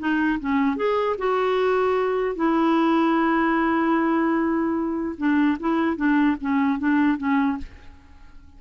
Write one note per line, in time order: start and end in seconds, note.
0.00 0.40 D#4
0.40 0.77 C#4
0.77 1.17 G#4
1.18 2.36 F#4
2.36 5.16 E4
5.18 5.58 D4
5.60 5.97 E4
5.97 6.37 D4
6.41 6.79 C#4
6.79 7.18 D4
7.18 7.58 C#4